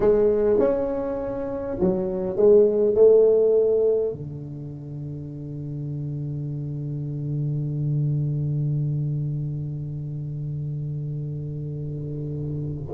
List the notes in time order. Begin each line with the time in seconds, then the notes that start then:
0.00 G#3
0.59 C#4
1.80 F#3
2.36 G#3
2.94 A3
4.12 D3